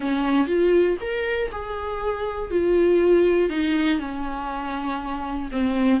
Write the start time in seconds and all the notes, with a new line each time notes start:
0.00 C#4
0.47 F4
1.00 A#4
1.51 G#4
2.50 F4
3.49 D#4
3.99 C#4
5.51 C4